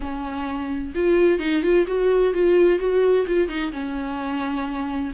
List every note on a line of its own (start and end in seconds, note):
0.00 0.93 C#4
0.94 1.39 F4
1.39 1.62 D#4
1.62 1.85 F4
1.87 2.33 F#4
2.33 2.79 F4
2.79 3.26 F#4
3.26 3.48 F4
3.48 3.71 D#4
3.72 5.12 C#4